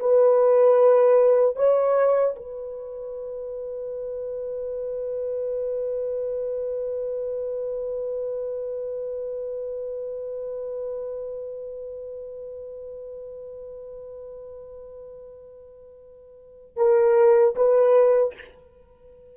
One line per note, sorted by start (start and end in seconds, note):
0.00 1.56 B4
1.56 2.35 C#5
2.36 16.77 B4
16.77 17.56 A#4
17.56 18.35 B4